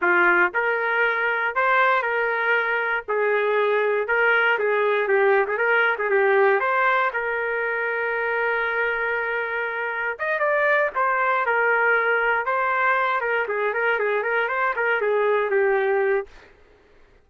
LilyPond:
\new Staff \with { instrumentName = "trumpet" } { \time 4/4 \tempo 4 = 118 f'4 ais'2 c''4 | ais'2 gis'2 | ais'4 gis'4 g'8. gis'16 ais'8. gis'16 | g'4 c''4 ais'2~ |
ais'1 | dis''8 d''4 c''4 ais'4.~ | ais'8 c''4. ais'8 gis'8 ais'8 gis'8 | ais'8 c''8 ais'8 gis'4 g'4. | }